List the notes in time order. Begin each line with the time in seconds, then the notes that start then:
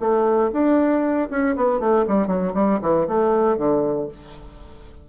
0.00 A3
0.53 D4
1.30 C#4
1.56 B3
1.80 A3
2.07 G3
2.27 F#3
2.54 G3
2.82 E3
3.08 A3
3.57 D3